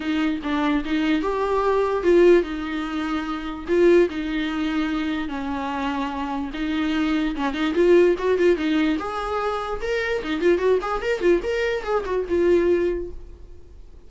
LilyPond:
\new Staff \with { instrumentName = "viola" } { \time 4/4 \tempo 4 = 147 dis'4 d'4 dis'4 g'4~ | g'4 f'4 dis'2~ | dis'4 f'4 dis'2~ | dis'4 cis'2. |
dis'2 cis'8 dis'8 f'4 | fis'8 f'8 dis'4 gis'2 | ais'4 dis'8 f'8 fis'8 gis'8 ais'8 f'8 | ais'4 gis'8 fis'8 f'2 | }